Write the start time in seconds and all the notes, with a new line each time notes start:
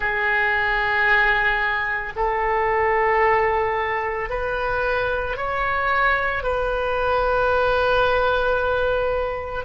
0.00 G#4
2.15 A4
4.29 B4
5.36 C#5
6.43 B4